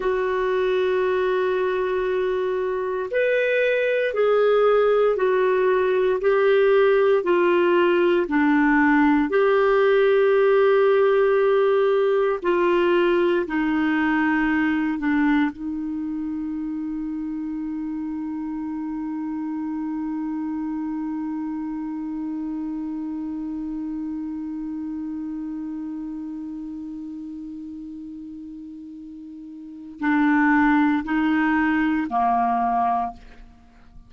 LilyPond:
\new Staff \with { instrumentName = "clarinet" } { \time 4/4 \tempo 4 = 58 fis'2. b'4 | gis'4 fis'4 g'4 f'4 | d'4 g'2. | f'4 dis'4. d'8 dis'4~ |
dis'1~ | dis'1~ | dis'1~ | dis'4 d'4 dis'4 ais4 | }